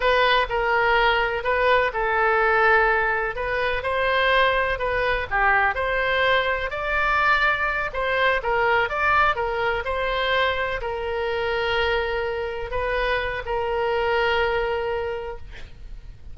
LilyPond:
\new Staff \with { instrumentName = "oboe" } { \time 4/4 \tempo 4 = 125 b'4 ais'2 b'4 | a'2. b'4 | c''2 b'4 g'4 | c''2 d''2~ |
d''8 c''4 ais'4 d''4 ais'8~ | ais'8 c''2 ais'4.~ | ais'2~ ais'8 b'4. | ais'1 | }